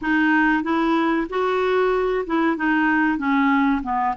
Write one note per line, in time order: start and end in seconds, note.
0.01 0.63 D#4
0.63 1.27 E4
1.29 2.25 F#4
2.26 2.56 E4
2.56 3.17 D#4
3.17 3.82 C#4
3.82 4.14 B3